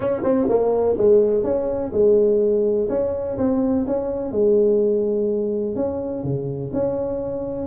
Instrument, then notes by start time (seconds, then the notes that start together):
tuba
0.00 C#4
0.23 C4
0.48 A#3
0.97 G#3
1.43 C#4
1.92 G#3
2.89 C#4
3.37 C4
3.87 C#4
4.31 G#3
5.75 C#4
6.23 C#3
6.73 C#4